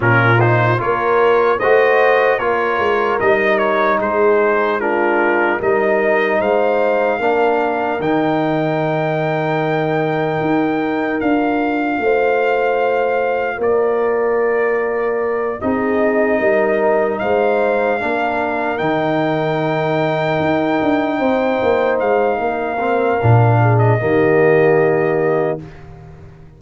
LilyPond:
<<
  \new Staff \with { instrumentName = "trumpet" } { \time 4/4 \tempo 4 = 75 ais'8 c''8 cis''4 dis''4 cis''4 | dis''8 cis''8 c''4 ais'4 dis''4 | f''2 g''2~ | g''2 f''2~ |
f''4 d''2~ d''8 dis''8~ | dis''4. f''2 g''8~ | g''2.~ g''8 f''8~ | f''4.~ f''16 dis''2~ dis''16 | }
  \new Staff \with { instrumentName = "horn" } { \time 4/4 f'4 ais'4 c''4 ais'4~ | ais'4 gis'4 f'4 ais'4 | c''4 ais'2.~ | ais'2. c''4~ |
c''4 ais'2~ ais'8 gis'8~ | gis'8 ais'4 c''4 ais'4.~ | ais'2~ ais'8 c''4. | ais'4. gis'8 g'2 | }
  \new Staff \with { instrumentName = "trombone" } { \time 4/4 cis'8 dis'8 f'4 fis'4 f'4 | dis'2 d'4 dis'4~ | dis'4 d'4 dis'2~ | dis'2 f'2~ |
f'2.~ f'8 dis'8~ | dis'2~ dis'8 d'4 dis'8~ | dis'1~ | dis'8 c'8 d'4 ais2 | }
  \new Staff \with { instrumentName = "tuba" } { \time 4/4 ais,4 ais4 a4 ais8 gis8 | g4 gis2 g4 | gis4 ais4 dis2~ | dis4 dis'4 d'4 a4~ |
a4 ais2~ ais8 c'8~ | c'8 g4 gis4 ais4 dis8~ | dis4. dis'8 d'8 c'8 ais8 gis8 | ais4 ais,4 dis2 | }
>>